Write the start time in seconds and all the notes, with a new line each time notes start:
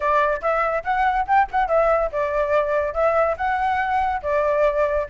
0.00 D5
0.41 E5
0.84 F#5
1.27 G5
1.51 F#5
1.68 E5
2.11 D5
2.93 E5
3.37 F#5
4.22 D5